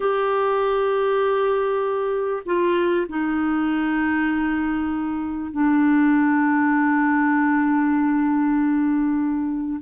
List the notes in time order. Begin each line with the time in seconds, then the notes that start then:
0.00 G4
2.45 F4
3.08 D#4
5.51 D4